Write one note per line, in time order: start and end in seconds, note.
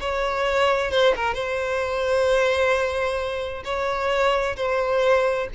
0.00 0.91 C#5
0.91 1.14 C5
1.16 1.34 A#4
1.34 3.63 C5
3.64 4.56 C#5
4.56 5.48 C5